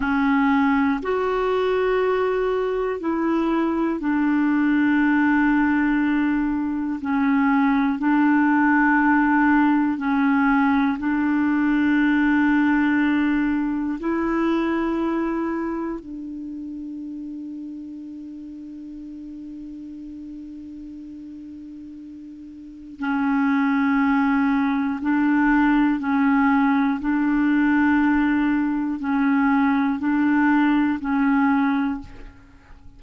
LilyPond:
\new Staff \with { instrumentName = "clarinet" } { \time 4/4 \tempo 4 = 60 cis'4 fis'2 e'4 | d'2. cis'4 | d'2 cis'4 d'4~ | d'2 e'2 |
d'1~ | d'2. cis'4~ | cis'4 d'4 cis'4 d'4~ | d'4 cis'4 d'4 cis'4 | }